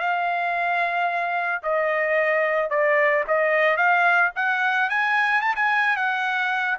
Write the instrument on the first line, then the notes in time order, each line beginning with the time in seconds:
trumpet
0.00 F5
1.63 D#5
2.70 D5
3.28 D#5
3.77 F5
4.36 F#5
4.90 G#5
5.41 A5
5.56 G#5
5.97 F#5